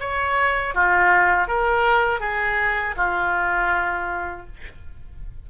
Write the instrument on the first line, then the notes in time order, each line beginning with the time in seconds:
oboe
0.00 C#5
0.74 F4
1.48 A#4
2.20 G#4
2.97 F4